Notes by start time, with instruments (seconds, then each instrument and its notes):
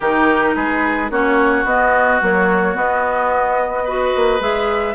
0.00 bassoon D#3, clarinet D#4, oboe G4, flute A#4
0.55 bassoon G#3, oboe G#4, flute B4
1.10 bassoon A#3, clarinet C#4, oboe F#4, flute C#5
1.64 bassoon B3, clarinet B3, flute D#5
2.21 clarinet F#3, bassoon A#3, flute C#5
2.74 clarinet B3, bassoon B3, flute D#5
3.84 clarinet F#4, oboe B4
4.15 bassoon A#3
4.39 bassoon G#3, clarinet G#4, flute E5